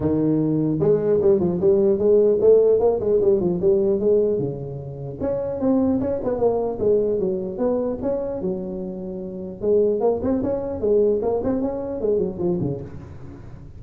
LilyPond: \new Staff \with { instrumentName = "tuba" } { \time 4/4 \tempo 4 = 150 dis2 gis4 g8 f8 | g4 gis4 a4 ais8 gis8 | g8 f8 g4 gis4 cis4~ | cis4 cis'4 c'4 cis'8 b8 |
ais4 gis4 fis4 b4 | cis'4 fis2. | gis4 ais8 c'8 cis'4 gis4 | ais8 c'8 cis'4 gis8 fis8 f8 cis8 | }